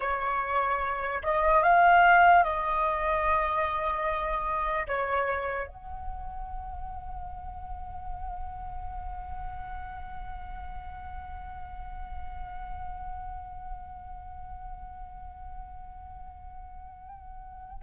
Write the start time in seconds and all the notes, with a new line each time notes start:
0.00 C#5
1.22 D#5
1.62 F5
2.43 D#5
4.87 C#5
5.67 F#5